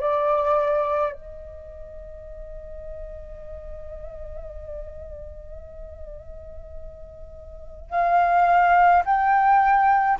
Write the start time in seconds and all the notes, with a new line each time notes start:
0.00 D5
1.13 D#5
7.90 F5
9.05 G5